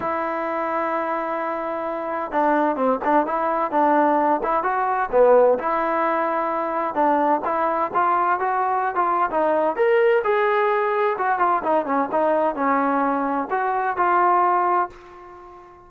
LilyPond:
\new Staff \with { instrumentName = "trombone" } { \time 4/4 \tempo 4 = 129 e'1~ | e'4 d'4 c'8 d'8 e'4 | d'4. e'8 fis'4 b4 | e'2. d'4 |
e'4 f'4 fis'4~ fis'16 f'8. | dis'4 ais'4 gis'2 | fis'8 f'8 dis'8 cis'8 dis'4 cis'4~ | cis'4 fis'4 f'2 | }